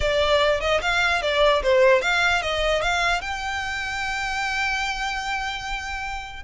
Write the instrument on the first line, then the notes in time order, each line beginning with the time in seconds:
violin
0.00 D5
0.60 D#5
0.81 F5
1.22 D5
1.62 C5
2.01 F5
2.42 D#5
2.82 F5
3.21 G5